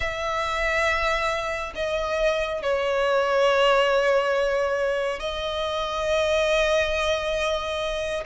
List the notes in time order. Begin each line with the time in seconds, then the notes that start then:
0.00 E5
1.75 D#5
2.62 C#5
5.19 D#5